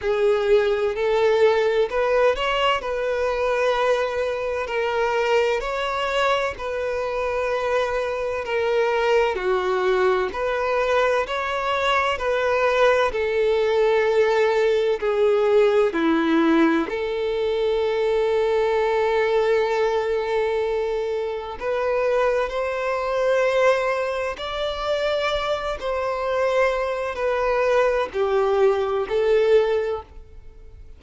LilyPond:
\new Staff \with { instrumentName = "violin" } { \time 4/4 \tempo 4 = 64 gis'4 a'4 b'8 cis''8 b'4~ | b'4 ais'4 cis''4 b'4~ | b'4 ais'4 fis'4 b'4 | cis''4 b'4 a'2 |
gis'4 e'4 a'2~ | a'2. b'4 | c''2 d''4. c''8~ | c''4 b'4 g'4 a'4 | }